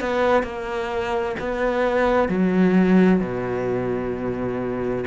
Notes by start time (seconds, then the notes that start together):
0.00 B3
0.43 A#3
1.39 B3
2.29 F#3
3.20 B2